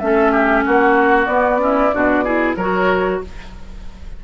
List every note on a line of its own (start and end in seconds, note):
0.00 0.66 A3
0.00 1.28 C#4
0.00 0.64 E5
0.06 0.32 A4
0.32 0.64 G4
0.66 1.28 A#3
0.66 1.62 F#4
0.66 1.26 F#5
1.26 1.91 B3
1.26 1.59 B3
1.26 2.54 D5
1.59 1.91 C#4
1.59 1.95 E4
1.94 2.57 B2
1.94 2.25 D4
1.94 2.25 F#4
2.25 2.57 E4
2.25 2.57 G#4
2.57 3.20 F#3
2.57 3.25 F#4
2.57 3.21 A#4
2.57 3.21 C#5